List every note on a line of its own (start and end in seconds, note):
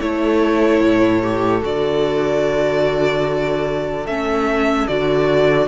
0.00 0.81 A3
0.00 1.22 E4
0.00 5.68 A4
0.00 1.63 C#5
0.81 1.62 A2
1.22 1.61 G4
1.61 4.06 D3
1.61 4.05 F#4
1.61 4.06 D5
4.06 4.87 A3
4.06 4.89 C#4
4.06 4.87 E5
4.87 5.68 D3
4.87 5.68 F#4
4.87 5.68 D5